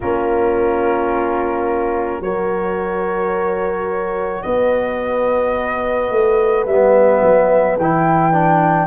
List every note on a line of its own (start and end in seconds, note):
0.00 2.19 A#3
0.00 2.23 C#4
0.00 2.22 F4
0.00 2.22 A#4
2.19 4.42 F#3
2.19 6.68 F#4
2.19 4.44 A#4
2.19 4.42 C#5
4.42 6.10 B3
4.42 8.86 B4
4.42 6.64 D#5
6.10 6.65 A3
6.65 7.21 G3
6.65 7.80 B3
6.65 7.77 E5
7.22 7.78 F#3
7.78 8.86 E3
7.78 8.32 E4
7.78 8.86 G5
8.32 8.86 D4